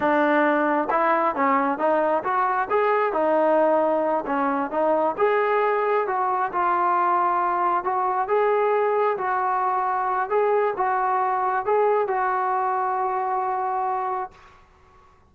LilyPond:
\new Staff \with { instrumentName = "trombone" } { \time 4/4 \tempo 4 = 134 d'2 e'4 cis'4 | dis'4 fis'4 gis'4 dis'4~ | dis'4. cis'4 dis'4 gis'8~ | gis'4. fis'4 f'4.~ |
f'4. fis'4 gis'4.~ | gis'8 fis'2~ fis'8 gis'4 | fis'2 gis'4 fis'4~ | fis'1 | }